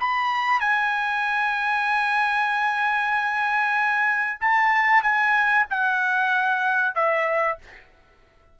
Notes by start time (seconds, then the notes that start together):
0.00 B5
0.61 G#5
4.41 A5
5.03 G#5
5.70 F#5
6.95 E5